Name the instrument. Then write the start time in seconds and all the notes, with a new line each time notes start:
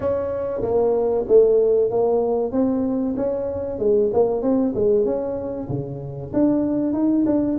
tuba
0.00 C#4
0.61 A#3
1.27 A3
1.90 A#3
2.51 C4
3.16 C#4
3.79 G#3
4.13 A#3
4.42 C4
4.74 G#3
5.05 C#4
5.68 C#3
6.33 D4
6.93 D#4
7.26 D4